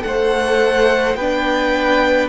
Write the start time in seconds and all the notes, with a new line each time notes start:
0.00 A3 A4 F#5
0.07 C5
1.14 B3 D4 B4 G5